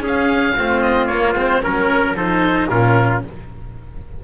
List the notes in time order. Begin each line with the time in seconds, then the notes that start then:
0.00 C#4 G#4
0.07 F5
0.58 A3 C4 F4
0.81 D#5
1.06 A#3 C#5
1.34 G#3 C4 C5
1.62 F#3 C#4 A#4
2.14 F3 D#4 A4 C5
2.68 A#2 C#4 F4 A#4